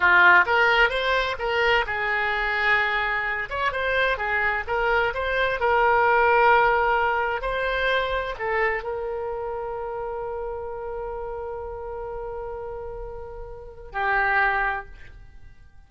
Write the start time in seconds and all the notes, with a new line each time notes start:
0.00 F4
0.46 A#4
0.89 C5
1.38 A#4
1.86 G#4
3.49 C#5
3.71 C5
4.17 G#4
4.67 A#4
5.14 C5
5.60 A#4
7.41 C5
8.38 A4
8.83 A#4
13.92 G4